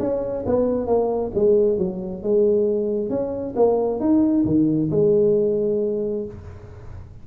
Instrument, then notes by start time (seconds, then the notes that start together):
tuba
0.00 C#4
0.46 B3
0.87 A#3
1.35 G#3
1.78 F#3
2.23 G#3
3.10 C#4
3.56 A#3
4.00 D#4
4.46 D#3
4.91 G#3